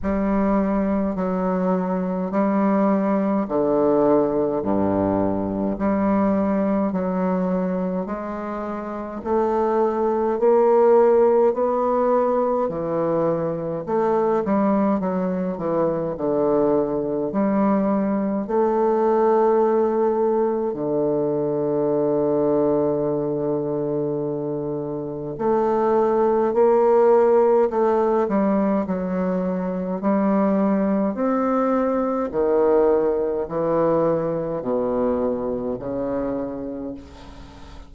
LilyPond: \new Staff \with { instrumentName = "bassoon" } { \time 4/4 \tempo 4 = 52 g4 fis4 g4 d4 | g,4 g4 fis4 gis4 | a4 ais4 b4 e4 | a8 g8 fis8 e8 d4 g4 |
a2 d2~ | d2 a4 ais4 | a8 g8 fis4 g4 c'4 | dis4 e4 b,4 cis4 | }